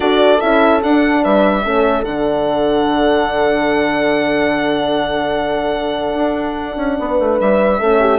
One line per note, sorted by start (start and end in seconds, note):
0.00 0.40 D4
0.00 0.40 F#4
0.00 1.23 A4
0.00 0.40 D5
0.40 0.83 C#4
0.40 0.82 E4
0.40 0.81 E5
0.83 1.63 D4
0.83 1.24 D4
0.83 1.23 F#5
1.23 1.65 G3
1.23 1.64 B4
1.23 2.04 E5
1.63 2.03 A3
1.63 2.04 C#4
1.63 6.98 A4
2.03 6.14 D3
2.03 7.80 D4
2.03 7.38 F#5
6.15 6.76 D4
6.76 6.97 C#4
6.99 7.19 B3
6.99 7.79 B4
7.19 7.39 A3
7.40 7.80 G3
7.40 8.19 E5
7.79 8.19 A3
7.79 8.19 C#4
7.79 8.00 A4
8.00 8.19 G4